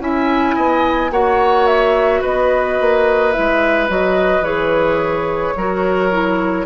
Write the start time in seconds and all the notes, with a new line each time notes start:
0.00 C#4 E4 E5 G#5
0.56 B3 D#5
1.11 A#3 F#4 C#5 F#5
1.67 E5
2.21 B3 B4 D#5
2.81 A#3
3.33 G#3 E4 E5
3.88 F#3 F#4 D#5
4.41 E3 G#4 C#5
5.56 F#3 F#4 A#4
6.12 E4